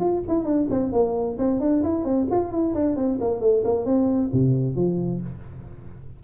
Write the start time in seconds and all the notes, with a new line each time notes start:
0.00 F4
0.28 E4
0.45 D4
0.70 C4
0.92 A#3
1.39 C4
1.60 D4
1.83 E4
2.04 C4
2.31 F4
2.52 E4
2.75 D4
2.96 C4
3.20 A#3
3.41 A3
3.64 A#3
3.86 C4
4.33 C3
4.76 F3